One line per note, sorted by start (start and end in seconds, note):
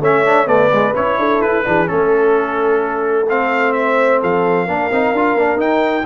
0.00 0.46 A3
0.00 0.25 C#4
0.00 0.47 C#5
0.00 0.47 E5
0.25 0.47 D4
0.46 0.70 A3
0.46 0.93 B3
0.46 1.17 B4
0.46 0.94 D5
0.73 0.95 G#3
0.95 1.17 C#4
0.95 1.64 E4
0.95 1.41 C#5
1.17 1.40 D4
1.17 1.65 A4
1.40 1.63 E4
1.40 1.87 B4
1.64 1.90 E3
1.64 1.86 D4
1.64 1.89 G#4
1.86 4.23 A3
1.86 3.26 C#4
1.86 3.27 A4
1.86 3.75 A4
3.29 4.67 C4
3.29 3.73 F5
3.73 4.20 C5
3.73 4.19 E5
4.20 4.68 F3
4.20 4.65 A4
4.20 5.60 F5
4.65 4.91 A#3
4.65 4.90 D4
4.65 6.05 A#4
4.91 5.12 C4
4.91 5.14 D#4
5.12 5.34 D4
5.12 5.38 F4
5.34 5.56 A#3
5.34 5.56 D4
5.56 6.03 D#4
5.56 6.05 G5